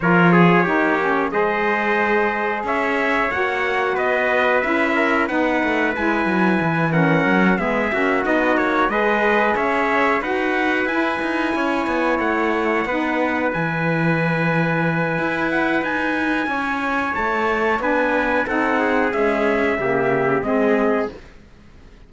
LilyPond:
<<
  \new Staff \with { instrumentName = "trumpet" } { \time 4/4 \tempo 4 = 91 cis''2 dis''2 | e''4 fis''4 dis''4 e''4 | fis''4 gis''4. fis''4 e''8~ | e''8 dis''8 cis''8 dis''4 e''4 fis''8~ |
fis''8 gis''2 fis''4.~ | fis''8 gis''2. fis''8 | gis''2 a''4 gis''4 | fis''4 e''2 dis''4 | }
  \new Staff \with { instrumentName = "trumpet" } { \time 4/4 ais'8 gis'8 g'4 c''2 | cis''2 b'4. ais'8 | b'2~ b'8 ais'4 gis'8 | fis'4. b'4 cis''4 b'8~ |
b'4. cis''2 b'8~ | b'1~ | b'4 cis''2 b'4 | a'8 gis'4. g'4 gis'4 | }
  \new Staff \with { instrumentName = "saxophone" } { \time 4/4 f'4 dis'8 cis'8 gis'2~ | gis'4 fis'2 e'4 | dis'4 e'4. cis'4 b8 | cis'8 dis'4 gis'2 fis'8~ |
fis'8 e'2. dis'8~ | dis'8 e'2.~ e'8~ | e'2. d'4 | dis'4 gis4 ais4 c'4 | }
  \new Staff \with { instrumentName = "cello" } { \time 4/4 f4 ais4 gis2 | cis'4 ais4 b4 cis'4 | b8 a8 gis8 fis8 e4 fis8 gis8 | ais8 b8 ais8 gis4 cis'4 dis'8~ |
dis'8 e'8 dis'8 cis'8 b8 a4 b8~ | b8 e2~ e8 e'4 | dis'4 cis'4 a4 b4 | c'4 cis'4 cis4 gis4 | }
>>